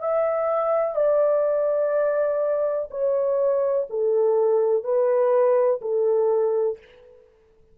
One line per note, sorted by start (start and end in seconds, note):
0.00 0.95 E5
0.95 2.89 D5
2.91 3.88 C#5
3.90 4.84 A4
4.84 5.81 B4
5.82 6.78 A4